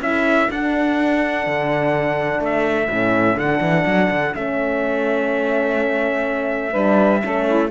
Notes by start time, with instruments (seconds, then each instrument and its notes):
0.00 cello C#4, horn E4, saxophone A4, trumpet E5
0.51 cello D4, horn D4, trumpet F#5
1.47 cello D3
2.40 cello A3, trumpet E5
2.90 cello A2, horn C#4
3.36 cello D3, trumpet F#5
3.42 horn D4
3.61 cello E3
3.86 cello F#3
4.11 cello D3
4.34 cello A3, horn C#4, trumpet E5
6.72 cello G3, horn D4, saxophone B4
7.22 cello A3, horn C#4, saxophone A4
7.47 saxophone E4